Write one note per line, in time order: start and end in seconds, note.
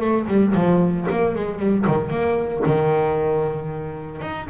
0.00 0.26 A3
0.27 0.53 G3
0.54 1.07 F3
1.10 1.35 A#3
1.35 1.59 G#3
1.59 1.85 G3
1.86 2.10 D#3
2.10 2.62 A#3
2.66 4.21 D#3
4.21 4.47 D#4